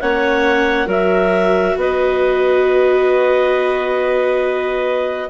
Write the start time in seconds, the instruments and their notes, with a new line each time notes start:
0.00 bassoon A#3, viola C#4, clarinet C#5 F#5
0.86 bassoon F#3, viola F#4, clarinet A#4 E5
1.76 bassoon B3, clarinet B4 D#5